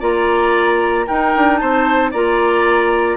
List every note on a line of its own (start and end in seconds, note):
0.00 1.07 A#3
0.00 1.07 F4
0.00 1.06 D5
0.00 1.08 A#5
1.07 2.14 D#4
1.07 1.35 D#4
1.07 1.60 A#4
1.07 1.57 G5
1.36 1.62 D4
1.57 2.14 C4
1.57 2.11 C5
1.57 2.10 A5
2.11 3.17 A#3
2.11 3.17 F4
2.11 3.17 D5
2.11 3.17 A#5